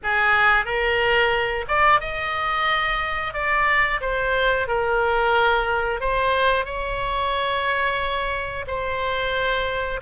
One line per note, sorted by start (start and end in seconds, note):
0.03 0.65 G#4
0.65 1.65 A#4
1.68 2.00 D5
2.00 3.33 D#5
3.33 4.00 D5
4.00 4.67 C5
4.67 6.00 A#4
6.00 6.65 C5
6.65 8.65 C#5
8.67 10.00 C5